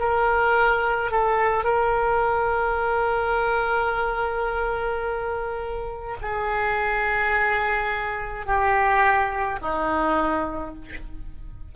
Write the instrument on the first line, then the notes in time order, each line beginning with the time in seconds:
oboe
0.00 A#4
1.11 A4
1.64 A#4
6.22 G#4
8.46 G4
9.62 D#4